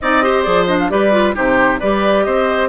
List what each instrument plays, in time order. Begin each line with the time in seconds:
0.01 bassoon C4, clarinet D#4, oboe D5, flute D#5
0.22 clarinet G4, oboe C5
0.42 bassoon F3, clarinet G#4, flute D5
0.67 clarinet D4, flute D#5
0.79 flute F5
0.89 bassoon G3, clarinet G4, oboe B4, flute D5
1.11 clarinet F4
1.34 bassoon C3, clarinet D#4, oboe G4, flute C5
1.79 bassoon G3, clarinet G4, oboe B4, flute D5
2.23 bassoon C4, oboe C5, flute D#5